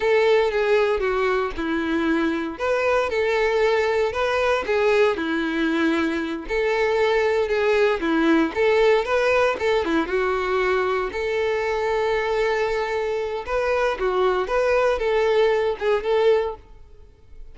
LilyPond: \new Staff \with { instrumentName = "violin" } { \time 4/4 \tempo 4 = 116 a'4 gis'4 fis'4 e'4~ | e'4 b'4 a'2 | b'4 gis'4 e'2~ | e'8 a'2 gis'4 e'8~ |
e'8 a'4 b'4 a'8 e'8 fis'8~ | fis'4. a'2~ a'8~ | a'2 b'4 fis'4 | b'4 a'4. gis'8 a'4 | }